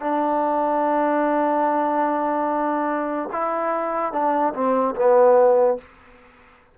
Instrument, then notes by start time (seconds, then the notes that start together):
trombone
0.00 D4
3.32 E4
4.12 D4
4.54 C4
4.95 B3